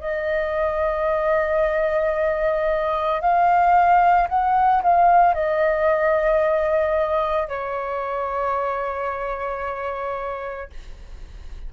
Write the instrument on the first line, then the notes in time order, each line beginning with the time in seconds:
flute
0.00 D#5
3.21 F5
4.29 F#5
4.83 F5
5.35 D#5
7.49 C#5